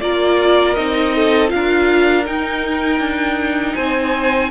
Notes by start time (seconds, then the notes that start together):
0.00 A#3 F4 A#4 D5
0.75 C4 D#4 D#5
1.15 A4
1.48 D4 F4 F5
1.55 A#4
2.25 D#4 G5
2.99 D4
3.75 C4 C5 G#5